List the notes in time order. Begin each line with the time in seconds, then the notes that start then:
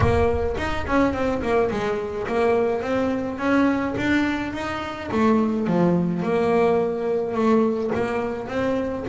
0.00 A#3
0.57 D#4
0.86 C#4
1.13 C4
1.42 A#3
1.70 G#3
2.27 A#3
2.81 C4
3.38 C#4
3.97 D4
4.53 D#4
5.11 A3
5.67 F3
6.23 A#3
7.34 A3
7.94 A#3
8.48 C4